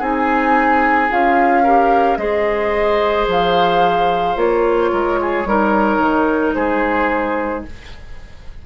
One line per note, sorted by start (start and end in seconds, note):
0.00 1.10 C4
0.00 1.10 D#4
0.00 1.64 G#4
0.00 1.12 G#5
1.10 2.18 C#4
1.10 1.64 F4
1.10 2.17 F5
1.64 2.19 G4
1.64 2.18 A#4
2.17 3.27 G#3
2.17 4.36 G#4
2.17 4.92 C5
2.17 3.26 D#5
3.28 4.37 F3
3.28 4.38 F5
4.36 4.91 A#3
4.36 5.45 F4
4.36 6.54 C#5
4.92 5.45 G#3
4.92 5.20 A#4
5.22 5.48 G#4
5.45 5.99 G3
5.45 7.66 D#4
5.45 6.56 A#4
5.99 6.53 D#3
6.54 7.65 G#3
6.54 7.65 G#4
6.54 7.63 C5